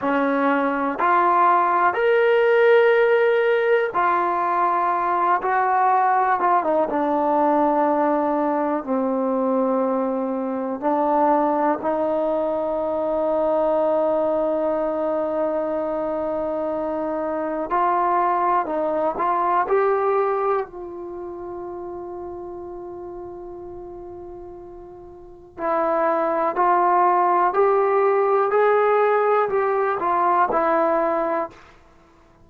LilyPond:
\new Staff \with { instrumentName = "trombone" } { \time 4/4 \tempo 4 = 61 cis'4 f'4 ais'2 | f'4. fis'4 f'16 dis'16 d'4~ | d'4 c'2 d'4 | dis'1~ |
dis'2 f'4 dis'8 f'8 | g'4 f'2.~ | f'2 e'4 f'4 | g'4 gis'4 g'8 f'8 e'4 | }